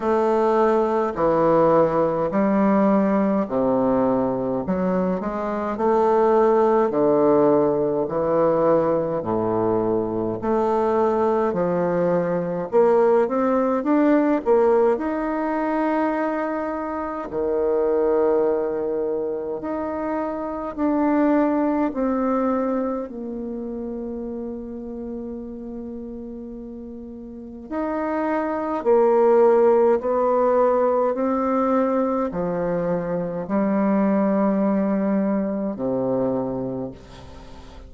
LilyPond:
\new Staff \with { instrumentName = "bassoon" } { \time 4/4 \tempo 4 = 52 a4 e4 g4 c4 | fis8 gis8 a4 d4 e4 | a,4 a4 f4 ais8 c'8 | d'8 ais8 dis'2 dis4~ |
dis4 dis'4 d'4 c'4 | ais1 | dis'4 ais4 b4 c'4 | f4 g2 c4 | }